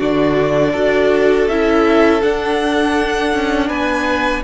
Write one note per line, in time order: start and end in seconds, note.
0.00 0.75 D3
0.00 0.75 D4
0.00 0.73 F#4
0.00 1.49 D5
0.73 1.48 D4
0.73 1.49 F#4
0.73 3.68 A4
1.48 2.22 C#4
1.48 2.23 E4
1.48 2.23 E5
2.23 4.44 D4
2.23 3.34 D4
2.23 3.69 F#5
3.34 3.70 C#4
3.68 4.44 B3
3.68 4.42 B4
3.68 4.43 G#5